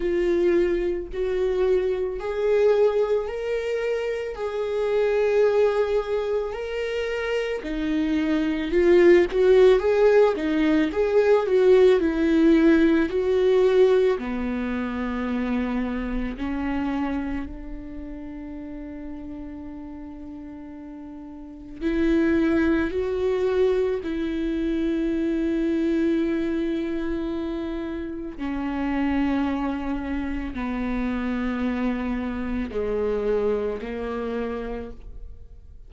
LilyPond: \new Staff \with { instrumentName = "viola" } { \time 4/4 \tempo 4 = 55 f'4 fis'4 gis'4 ais'4 | gis'2 ais'4 dis'4 | f'8 fis'8 gis'8 dis'8 gis'8 fis'8 e'4 | fis'4 b2 cis'4 |
d'1 | e'4 fis'4 e'2~ | e'2 cis'2 | b2 gis4 ais4 | }